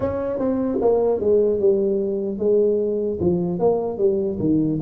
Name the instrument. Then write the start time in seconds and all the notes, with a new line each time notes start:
tuba
0.00 C#4
0.38 C4
0.81 A#3
1.20 G#3
1.59 G3
2.38 G#3
3.20 F3
3.59 A#3
3.98 G3
4.39 D#3